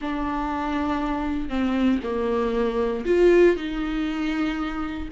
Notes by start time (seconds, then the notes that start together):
0.01 D4
1.49 C4
2.03 A#3
3.05 F4
3.56 D#4